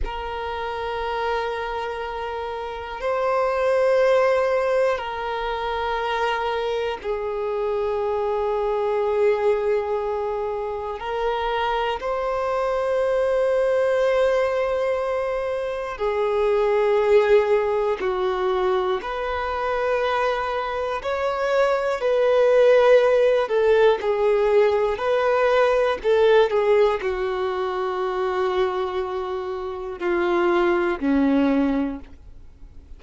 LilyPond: \new Staff \with { instrumentName = "violin" } { \time 4/4 \tempo 4 = 60 ais'2. c''4~ | c''4 ais'2 gis'4~ | gis'2. ais'4 | c''1 |
gis'2 fis'4 b'4~ | b'4 cis''4 b'4. a'8 | gis'4 b'4 a'8 gis'8 fis'4~ | fis'2 f'4 cis'4 | }